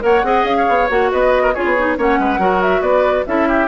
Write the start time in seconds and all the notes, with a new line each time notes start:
0.00 A#3 A#4 C#5 F#5
0.23 C4 G#4 D#5
0.44 C#4 F5
0.57 C#5
0.69 B3
0.89 A#3 F#4 F#5
1.12 B3 B4 D#5
1.43 A#4
1.54 C#4 F4 G#4 C#5
1.65 B3
1.77 D#4
1.97 A#3 C#4 C#5 F#5
2.19 G#3 B4
2.38 F#3 F#4 A#4
2.62 E5
2.81 B3 B4 D5
3.26 C#4 E4 A4 E5
3.49 G4